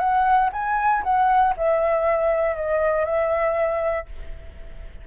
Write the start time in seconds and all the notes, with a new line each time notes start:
0.00 F#5
0.53 G#5
1.04 F#5
1.57 E5
2.56 D#5
3.05 E5